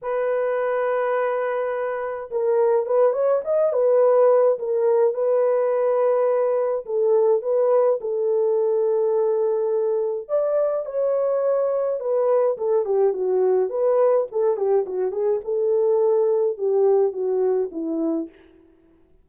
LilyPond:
\new Staff \with { instrumentName = "horn" } { \time 4/4 \tempo 4 = 105 b'1 | ais'4 b'8 cis''8 dis''8 b'4. | ais'4 b'2. | a'4 b'4 a'2~ |
a'2 d''4 cis''4~ | cis''4 b'4 a'8 g'8 fis'4 | b'4 a'8 g'8 fis'8 gis'8 a'4~ | a'4 g'4 fis'4 e'4 | }